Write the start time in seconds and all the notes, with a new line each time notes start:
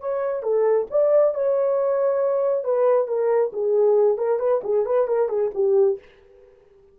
0.00 C#5
0.43 A4
0.90 D5
1.34 C#5
2.64 B4
3.07 A#4
3.53 G#4
4.17 A#4
4.39 B4
4.63 G#4
4.85 B4
5.08 A#4
5.29 G#4
5.54 G4